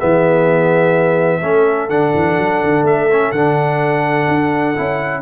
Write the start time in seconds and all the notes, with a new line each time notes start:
0.00 E3 B3 G#4 E5
1.40 A3 C#4 A4
1.90 D3 D4 F#5
2.14 E3
2.38 F#3
2.63 D3
2.83 A3 E5
3.12 C#4
3.32 D3 D4 F#5
4.28 D4
4.76 C#4 E4